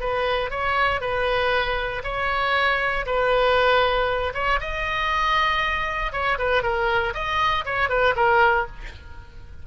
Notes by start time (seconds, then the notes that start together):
0.00 B4
0.50 C#5
1.01 B4
2.04 C#5
3.06 B4
4.34 C#5
4.61 D#5
6.12 C#5
6.38 B4
6.63 A#4
7.14 D#5
7.65 C#5
7.89 B4
8.16 A#4